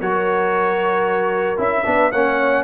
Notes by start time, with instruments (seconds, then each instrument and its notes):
0.00 tuba F#3, trombone F#4, horn A#4, trumpet C#5
1.57 tuba C#4, trombone E4, trumpet E5
1.85 tuba B3, trombone D4, horn B4
2.11 tuba A#3, trombone C#4, horn C#5, trumpet F#5